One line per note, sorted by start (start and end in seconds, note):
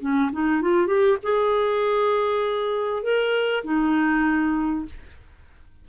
0.00 0.30 C#4
0.32 0.61 D#4
0.61 0.87 F4
0.87 1.17 G4
1.23 3.03 G#4
3.03 3.63 A#4
3.64 4.85 D#4